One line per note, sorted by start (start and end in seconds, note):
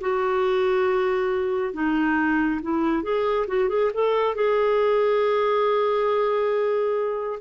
0.00 1.73 F#4
1.73 2.60 D#4
2.62 3.02 E4
3.02 3.46 G#4
3.47 3.68 F#4
3.69 3.91 G#4
3.93 4.35 A4
4.35 7.39 G#4